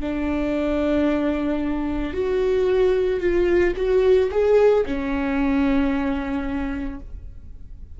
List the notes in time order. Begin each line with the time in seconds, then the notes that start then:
0.00 D4
2.13 F#4
3.20 F4
3.76 F#4
4.31 G#4
4.85 C#4